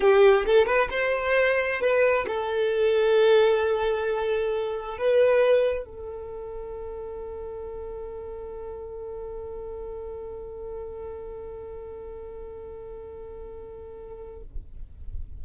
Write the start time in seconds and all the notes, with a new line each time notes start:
0.00 G4
0.45 A4
0.66 B4
0.90 C5
1.80 B4
2.27 A4
4.97 B4
5.84 A4